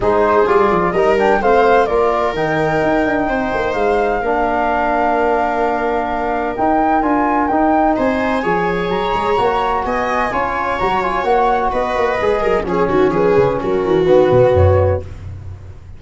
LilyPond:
<<
  \new Staff \with { instrumentName = "flute" } { \time 4/4 \tempo 4 = 128 c''4 d''4 dis''8 g''8 f''4 | d''4 g''2. | f''1~ | f''2 g''4 gis''4 |
g''4 gis''2 ais''4~ | ais''4 gis''2 ais''8 gis''8 | fis''4 dis''2 cis''4 | b'4 ais'4 b'4 cis''4 | }
  \new Staff \with { instrumentName = "viola" } { \time 4/4 gis'2 ais'4 c''4 | ais'2. c''4~ | c''4 ais'2.~ | ais'1~ |
ais'4 c''4 cis''2~ | cis''4 dis''4 cis''2~ | cis''4 b'4. ais'8 gis'8 fis'8 | gis'4 fis'2. | }
  \new Staff \with { instrumentName = "trombone" } { \time 4/4 dis'4 f'4 dis'8 d'8 c'4 | f'4 dis'2.~ | dis'4 d'2.~ | d'2 dis'4 f'4 |
dis'2 gis'2 | fis'2 f'4 fis'8 f'8 | fis'2 gis'4 cis'4~ | cis'2 b2 | }
  \new Staff \with { instrumentName = "tuba" } { \time 4/4 gis4 g8 f8 g4 a4 | ais4 dis4 dis'8 d'8 c'8 ais8 | gis4 ais2.~ | ais2 dis'4 d'4 |
dis'4 c'4 f4 fis8 gis8 | ais4 b4 cis'4 fis4 | ais4 b8 ais8 gis8 fis8 f8 dis8 | f8 cis8 fis8 e8 dis8 b,8 fis,4 | }
>>